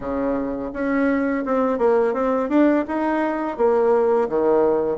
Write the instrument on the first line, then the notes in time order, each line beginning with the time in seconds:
bassoon
0.00 C#3
0.73 C#4
1.45 C4
1.78 A#3
2.13 C4
2.49 D4
2.87 D#4
3.57 A#3
4.29 D#3